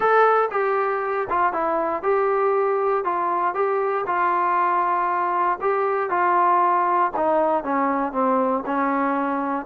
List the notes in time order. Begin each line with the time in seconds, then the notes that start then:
0.00 A4
0.51 G4
1.29 F4
1.53 E4
2.02 G4
3.04 F4
3.54 G4
4.06 F4
5.61 G4
6.09 F4
7.16 D#4
7.63 C#4
8.12 C4
8.66 C#4